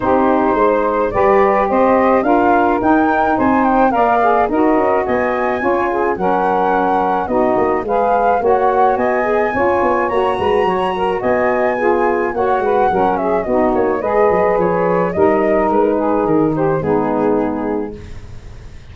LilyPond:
<<
  \new Staff \with { instrumentName = "flute" } { \time 4/4 \tempo 4 = 107 c''2 d''4 dis''4 | f''4 g''4 gis''8 g''8 f''4 | dis''4 gis''2 fis''4~ | fis''4 dis''4 f''4 fis''4 |
gis''2 ais''2 | gis''2 fis''4. e''8 | dis''8 cis''8 dis''4 cis''4 dis''4 | b'4 ais'8 c''8 gis'2 | }
  \new Staff \with { instrumentName = "saxophone" } { \time 4/4 g'4 c''4 b'4 c''4 | ais'2 c''4 d''4 | ais'4 dis''4 cis''8 gis'8 ais'4~ | ais'4 fis'4 b'4 cis''4 |
dis''4 cis''4. b'8 cis''8 ais'8 | dis''4 gis'4 cis''8 b'8 ais'8 gis'8 | fis'4 b'2 ais'4~ | ais'8 gis'4 g'8 dis'2 | }
  \new Staff \with { instrumentName = "saxophone" } { \time 4/4 dis'2 g'2 | f'4 dis'2 ais'8 gis'8 | fis'2 f'4 cis'4~ | cis'4 dis'4 gis'4 fis'4~ |
fis'8 gis'8 f'4 fis'2~ | fis'4 f'4 fis'4 cis'4 | dis'4 gis'2 dis'4~ | dis'2 b2 | }
  \new Staff \with { instrumentName = "tuba" } { \time 4/4 c'4 gis4 g4 c'4 | d'4 dis'4 c'4 ais4 | dis'8 cis'8 b4 cis'4 fis4~ | fis4 b8 ais8 gis4 ais4 |
b4 cis'8 b8 ais8 gis8 fis4 | b2 ais8 gis8 fis4 | b8 ais8 gis8 fis8 f4 g4 | gis4 dis4 gis2 | }
>>